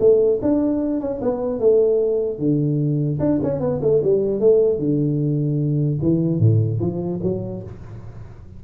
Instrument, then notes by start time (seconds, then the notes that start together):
tuba
0.00 A3
0.42 D4
1.00 C#4
1.21 B3
1.59 A3
2.39 D3
3.19 D4
3.43 C#4
3.60 B3
3.81 A3
4.03 G3
4.40 A3
4.79 D3
6.02 E3
6.39 A2
6.80 F3
7.23 F#3